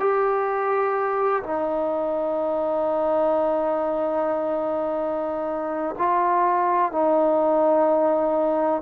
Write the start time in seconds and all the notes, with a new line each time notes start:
0.00 G4
1.43 D#4
5.98 F4
6.92 D#4